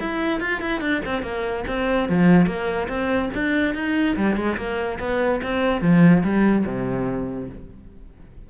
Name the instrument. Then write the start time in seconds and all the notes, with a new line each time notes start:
cello
0.00 E4
0.40 F4
0.61 E4
0.81 D4
1.05 C4
1.22 A#3
1.67 C4
2.09 F3
2.46 A#3
2.88 C4
3.34 D4
3.74 D#4
4.16 G3
4.36 G#3
4.57 A#3
4.99 B3
5.43 C4
5.81 F3
6.23 G3
6.66 C3